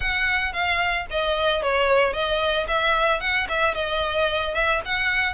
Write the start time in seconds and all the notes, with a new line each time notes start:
0.00 F#5
0.52 F5
1.10 D#5
1.62 C#5
2.13 D#5
2.67 E5
3.20 F#5
3.48 E5
3.74 D#5
4.54 E5
4.85 F#5